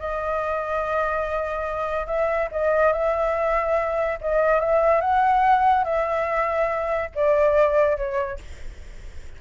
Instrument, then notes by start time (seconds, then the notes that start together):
flute
0.00 D#5
2.07 E5
2.52 D#5
2.93 E5
4.21 D#5
4.60 E5
5.01 F#5
5.84 E5
7.15 D5
7.97 C#5